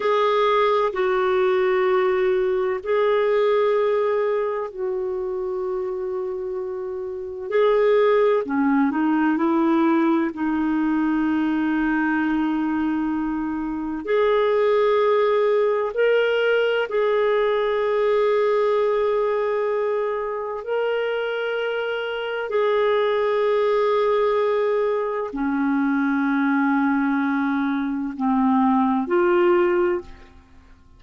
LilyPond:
\new Staff \with { instrumentName = "clarinet" } { \time 4/4 \tempo 4 = 64 gis'4 fis'2 gis'4~ | gis'4 fis'2. | gis'4 cis'8 dis'8 e'4 dis'4~ | dis'2. gis'4~ |
gis'4 ais'4 gis'2~ | gis'2 ais'2 | gis'2. cis'4~ | cis'2 c'4 f'4 | }